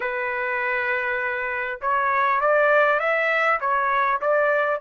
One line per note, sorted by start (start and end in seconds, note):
0.00 1.80 B4
1.81 2.40 C#5
2.40 2.99 D5
2.99 3.59 E5
3.60 4.20 C#5
4.21 4.80 D5